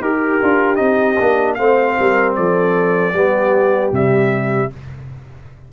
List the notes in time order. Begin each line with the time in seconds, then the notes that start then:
0.00 D#4 G4 A#4
0.41 D4 F4
0.75 C4 D#4 D#5
1.19 A#3 D4
1.54 A3 C4 C5 F5
1.99 G3 A#4
2.35 F3 A4 D5
3.13 G3 B3 G4
3.92 C3 G3 E5